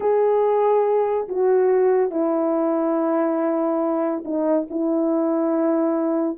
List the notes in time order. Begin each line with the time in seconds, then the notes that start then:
0.00 G#4
1.28 F#4
2.10 E4
4.25 D#4
4.70 E4